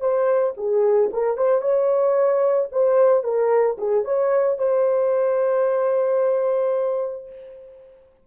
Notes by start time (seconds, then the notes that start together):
0.00 C5
0.57 G#4
1.12 A#4
1.37 C5
1.61 C#5
2.72 C5
3.23 A#4
3.78 G#4
4.04 C#5
4.58 C5